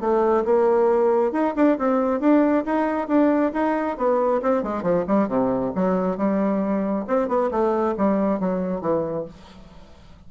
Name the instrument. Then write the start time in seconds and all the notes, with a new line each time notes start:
bassoon
0.00 A3
0.45 A#3
1.32 D#4
1.56 D4
1.78 C4
2.20 D4
2.66 D#4
3.08 D4
3.53 D#4
3.97 B3
4.42 C4
4.63 G#3
4.82 F3
5.07 G3
5.28 C3
5.75 F#3
6.17 G3
7.07 C4
7.28 B3
7.51 A3
7.97 G3
8.40 F#3
8.81 E3